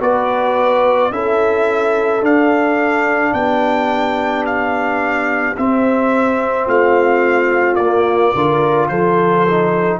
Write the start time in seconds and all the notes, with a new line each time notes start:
0.00 B3 F#4 B4 D5
1.11 C#4 E4 A4 E5
2.22 D4 F5
3.33 B3 G4 G5
4.45 F5
5.56 C4 E5
6.66 A3 F4 F5
7.75 A#3 D5
8.33 D3 F4 A#4
8.88 F3 A4 C5
9.48 D#4